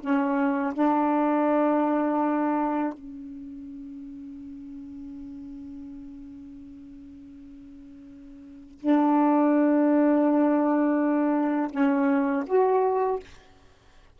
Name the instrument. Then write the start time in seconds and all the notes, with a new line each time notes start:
saxophone
0.00 C#4
0.74 D4
2.94 C#4
8.80 D4
11.71 C#4
12.47 F#4